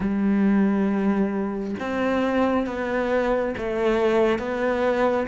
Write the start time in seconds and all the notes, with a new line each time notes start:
0.00 G3
1.79 C4
2.66 B3
3.57 A3
4.38 B3